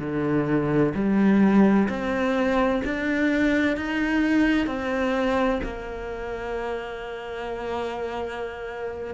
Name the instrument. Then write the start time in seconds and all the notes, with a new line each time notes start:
cello
0.00 D3
0.95 G3
1.89 C4
2.85 D4
3.77 D#4
4.67 C4
5.64 A#3